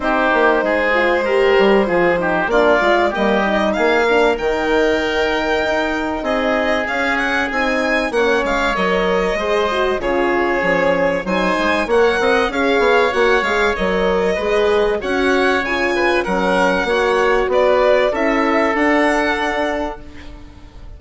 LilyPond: <<
  \new Staff \with { instrumentName = "violin" } { \time 4/4 \tempo 4 = 96 c''1 | d''4 dis''4 f''4 g''4~ | g''2 dis''4 f''8 fis''8 | gis''4 fis''8 f''8 dis''2 |
cis''2 gis''4 fis''4 | f''4 fis''8 f''8 dis''2 | fis''4 gis''4 fis''2 | d''4 e''4 fis''2 | }
  \new Staff \with { instrumentName = "oboe" } { \time 4/4 g'4 gis'4 ais'4 gis'8 g'8 | f'4 g'4 gis'8 ais'4.~ | ais'2 gis'2~ | gis'4 cis''2 c''4 |
gis'2 c''4 cis''8 dis''8 | cis''2. b'4 | cis''4. b'8 ais'4 cis''4 | b'4 a'2. | }
  \new Staff \with { instrumentName = "horn" } { \time 4/4 dis'4. f'8 g'4 f'8 dis'8 | d'8 f'8 ais8 dis'4 d'8 dis'4~ | dis'2. cis'4 | dis'4 cis'4 ais'4 gis'8 fis'8 |
f'4 cis'4 dis'4 ais'4 | gis'4 fis'8 gis'8 ais'4 gis'4 | fis'4 f'4 cis'4 fis'4~ | fis'4 e'4 d'2 | }
  \new Staff \with { instrumentName = "bassoon" } { \time 4/4 c'8 ais8 gis4. g8 f4 | ais8 gis8 g4 ais4 dis4~ | dis4 dis'4 c'4 cis'4 | c'4 ais8 gis8 fis4 gis4 |
cis4 f4 fis8 gis8 ais8 c'8 | cis'8 b8 ais8 gis8 fis4 gis4 | cis'4 cis4 fis4 ais4 | b4 cis'4 d'2 | }
>>